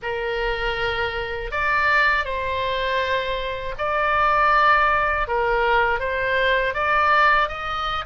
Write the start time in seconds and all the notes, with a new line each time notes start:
0.02 A#4
1.51 D5
2.24 C5
3.77 D5
5.27 A#4
5.99 C5
6.74 D5
7.48 D#5